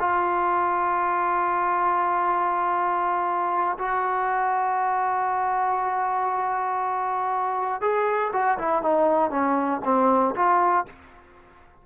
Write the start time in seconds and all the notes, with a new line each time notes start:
0.00 F4
3.79 F#4
7.82 G#4
8.33 F#4
8.59 E4
8.83 D#4
9.31 C#4
9.85 C4
10.36 F4